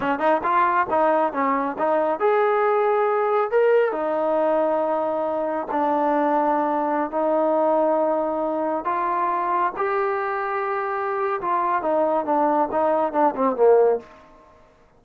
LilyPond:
\new Staff \with { instrumentName = "trombone" } { \time 4/4 \tempo 4 = 137 cis'8 dis'8 f'4 dis'4 cis'4 | dis'4 gis'2. | ais'4 dis'2.~ | dis'4 d'2.~ |
d'16 dis'2.~ dis'8.~ | dis'16 f'2 g'4.~ g'16~ | g'2 f'4 dis'4 | d'4 dis'4 d'8 c'8 ais4 | }